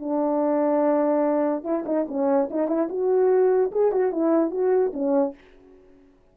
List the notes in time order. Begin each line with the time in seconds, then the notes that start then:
0.00 D4
1.64 E4
1.86 D#4
2.08 C#4
2.51 D#4
2.68 E4
2.90 F#4
3.72 G#4
3.92 F#4
4.13 E4
4.51 F#4
4.94 C#4